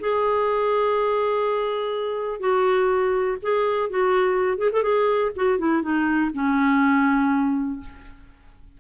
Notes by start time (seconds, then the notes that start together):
0.00 G#4
2.39 F#4
3.42 G#4
3.90 F#4
4.58 G#4
4.72 A4
4.82 G#4
5.36 F#4
5.58 E4
5.82 D#4
6.34 C#4